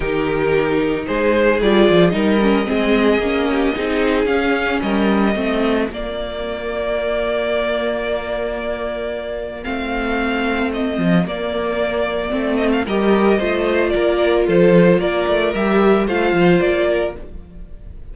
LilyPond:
<<
  \new Staff \with { instrumentName = "violin" } { \time 4/4 \tempo 4 = 112 ais'2 c''4 d''4 | dis''1 | f''4 dis''2 d''4~ | d''1~ |
d''2 f''2 | dis''4 d''2~ d''8 dis''16 f''16 | dis''2 d''4 c''4 | d''4 e''4 f''4 d''4 | }
  \new Staff \with { instrumentName = "violin" } { \time 4/4 g'2 gis'2 | ais'4 gis'4. g'8 gis'4~ | gis'4 ais'4 f'2~ | f'1~ |
f'1~ | f'1 | ais'4 c''4 ais'4 a'4 | ais'2 c''4. ais'8 | }
  \new Staff \with { instrumentName = "viola" } { \time 4/4 dis'2. f'4 | dis'8 cis'8 c'4 cis'4 dis'4 | cis'2 c'4 ais4~ | ais1~ |
ais2 c'2~ | c'4 ais2 c'4 | g'4 f'2.~ | f'4 g'4 f'2 | }
  \new Staff \with { instrumentName = "cello" } { \time 4/4 dis2 gis4 g8 f8 | g4 gis4 ais4 c'4 | cis'4 g4 a4 ais4~ | ais1~ |
ais2 a2~ | a8 f8 ais2 a4 | g4 a4 ais4 f4 | ais8 a8 g4 a8 f8 ais4 | }
>>